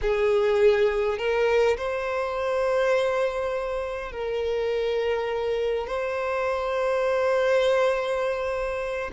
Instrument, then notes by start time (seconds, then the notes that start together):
violin
0.01 G#4
1.18 A#4
1.77 C5
4.12 A#4
5.87 C5